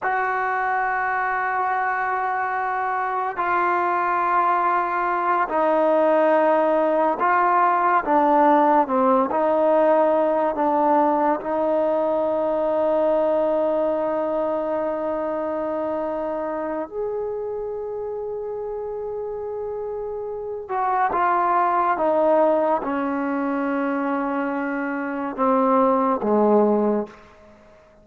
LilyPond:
\new Staff \with { instrumentName = "trombone" } { \time 4/4 \tempo 4 = 71 fis'1 | f'2~ f'8 dis'4.~ | dis'8 f'4 d'4 c'8 dis'4~ | dis'8 d'4 dis'2~ dis'8~ |
dis'1 | gis'1~ | gis'8 fis'8 f'4 dis'4 cis'4~ | cis'2 c'4 gis4 | }